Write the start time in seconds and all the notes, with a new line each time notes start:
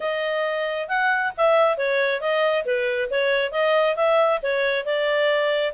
0.00 D#5
0.88 F#5
1.37 E5
1.77 C#5
2.20 D#5
2.65 B4
3.10 C#5
3.51 D#5
3.96 E5
4.42 C#5
4.85 D5